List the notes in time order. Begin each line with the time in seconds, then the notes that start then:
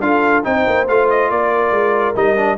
0.00 D4 F4 A4 F5
0.43 C4 D#4 C5 G5
0.67 A#3
0.88 A3 F4 F5
1.10 D#5
1.30 A#3 A#4 D5
1.71 G#3
2.15 G3 D#4 D#5
2.37 D4